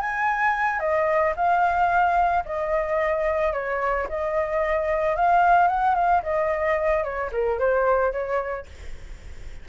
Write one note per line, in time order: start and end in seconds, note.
0.00 0.79 G#5
0.79 1.33 D#5
1.36 2.44 F5
2.45 3.53 D#5
3.53 4.07 C#5
4.09 5.16 D#5
5.16 5.67 F5
5.67 5.94 F#5
5.95 6.22 F5
6.22 7.03 D#5
7.03 7.30 C#5
7.32 7.59 A#4
7.59 8.12 C5
8.12 8.66 C#5